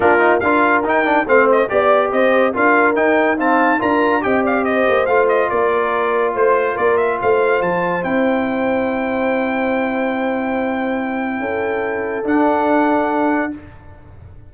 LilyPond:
<<
  \new Staff \with { instrumentName = "trumpet" } { \time 4/4 \tempo 4 = 142 ais'4 f''4 g''4 f''8 dis''8 | d''4 dis''4 f''4 g''4 | a''4 ais''4 g''8 f''8 dis''4 | f''8 dis''8 d''2 c''4 |
d''8 e''8 f''4 a''4 g''4~ | g''1~ | g''1~ | g''4 fis''2. | }
  \new Staff \with { instrumentName = "horn" } { \time 4/4 f'4 ais'2 c''4 | d''4 c''4 ais'2 | f''4 ais'4 dis''8 d''8 c''4~ | c''4 ais'2 c''4 |
ais'4 c''2.~ | c''1~ | c''2. a'4~ | a'1 | }
  \new Staff \with { instrumentName = "trombone" } { \time 4/4 d'8 dis'8 f'4 dis'8 d'8 c'4 | g'2 f'4 dis'4 | c'4 f'4 g'2 | f'1~ |
f'2. e'4~ | e'1~ | e'1~ | e'4 d'2. | }
  \new Staff \with { instrumentName = "tuba" } { \time 4/4 ais4 d'4 dis'4 a4 | b4 c'4 d'4 dis'4~ | dis'4 d'4 c'4. ais8 | a4 ais2 a4 |
ais4 a4 f4 c'4~ | c'1~ | c'2. cis'4~ | cis'4 d'2. | }
>>